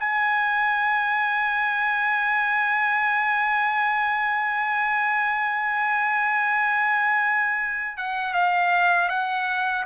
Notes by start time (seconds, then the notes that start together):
0.00 G#5
7.97 F#5
8.34 F5
9.09 F#5